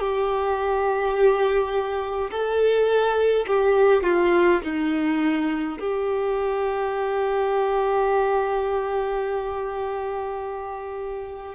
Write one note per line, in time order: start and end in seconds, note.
0.00 2.31 G4
2.31 3.47 A4
3.48 4.03 G4
4.03 4.61 F4
4.64 5.79 D#4
5.80 11.55 G4